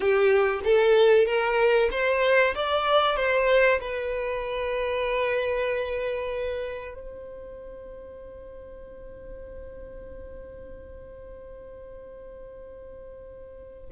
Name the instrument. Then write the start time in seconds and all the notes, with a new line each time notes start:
violin
0.00 G4
0.63 A4
1.25 A#4
1.91 C5
2.54 D5
3.16 C5
3.80 B4
6.94 C5